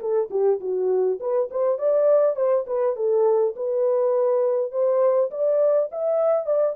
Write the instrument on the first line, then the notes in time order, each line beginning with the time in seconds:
horn
0.00 A4
0.31 G4
0.61 F#4
1.20 B4
1.51 C5
1.79 D5
2.36 C5
2.67 B4
2.96 A4
3.56 B4
4.72 C5
5.31 D5
5.92 E5
6.46 D5